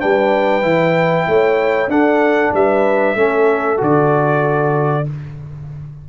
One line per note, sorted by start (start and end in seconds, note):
0.00 0.62 G3
0.00 0.62 D4
0.00 1.27 B4
0.00 1.90 G5
0.62 1.26 E3
0.62 1.88 E4
1.27 1.87 A3
1.27 1.91 C#5
1.87 2.51 D4
1.87 3.16 D4
1.87 2.54 A4
1.87 2.53 F#5
2.53 3.15 G3
2.53 3.17 B4
2.53 3.81 E5
3.15 3.78 A3
3.15 3.77 C#4
3.15 5.08 A4
3.77 5.08 D3
3.77 5.03 F#4
3.77 5.09 D5